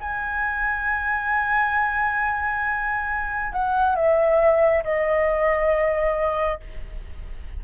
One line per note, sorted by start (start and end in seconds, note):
0.00 3.52 G#5
3.52 3.95 F#5
3.95 4.83 E5
4.84 6.60 D#5